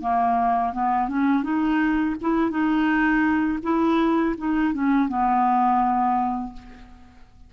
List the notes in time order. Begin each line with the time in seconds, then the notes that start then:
0.00 A#3
0.72 B3
1.08 C#4
1.43 D#4
2.21 E4
2.50 D#4
3.62 E4
4.37 D#4
4.73 C#4
5.08 B3